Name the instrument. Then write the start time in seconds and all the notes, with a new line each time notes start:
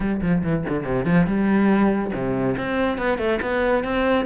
cello
0.00 G3
0.21 F3
0.43 E3
0.68 D3
0.84 C3
1.05 F3
1.27 G3
2.13 C3
2.57 C4
2.97 B3
3.18 A3
3.41 B3
3.83 C4